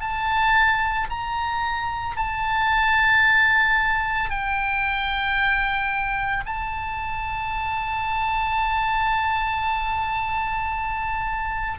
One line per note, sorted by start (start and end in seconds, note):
0.00 1.07 A5
1.10 2.16 A#5
2.16 4.30 A5
4.30 6.44 G5
6.45 11.79 A5